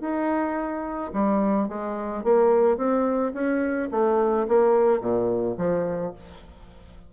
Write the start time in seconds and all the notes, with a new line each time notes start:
0.00 D#4
1.13 G3
1.68 G#3
2.23 A#3
2.77 C4
3.33 C#4
3.91 A3
4.47 A#3
5.00 A#2
5.57 F3